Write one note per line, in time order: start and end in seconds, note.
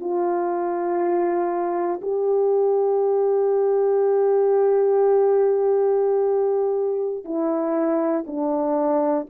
0.00 2.00 F4
2.02 7.25 G4
7.25 8.25 E4
8.26 9.26 D4